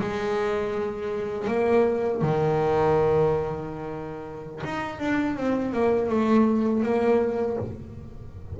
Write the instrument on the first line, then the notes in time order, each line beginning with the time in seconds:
double bass
0.00 G#3
1.47 A#3
2.21 D#3
4.64 D#4
4.99 D4
5.36 C4
5.73 A#3
6.09 A3
6.82 A#3